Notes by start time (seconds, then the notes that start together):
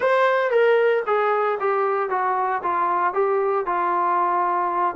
0.00 C5
0.50 A#4
1.06 G#4
1.59 G4
2.09 F#4
2.62 F4
3.13 G4
3.65 F4